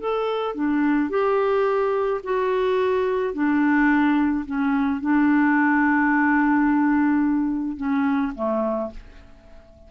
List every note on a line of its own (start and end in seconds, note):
0.00 0.55 A4
0.55 1.10 D4
1.10 2.21 G4
2.24 3.34 F#4
3.34 4.45 D4
4.46 5.01 C#4
5.01 7.77 D4
7.77 8.33 C#4
8.36 8.91 A3